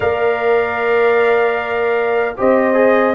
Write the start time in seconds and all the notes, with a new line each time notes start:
0.00 A#3 A#4 D5 F5
2.37 C4 G4 C5 D#5
2.74 G#4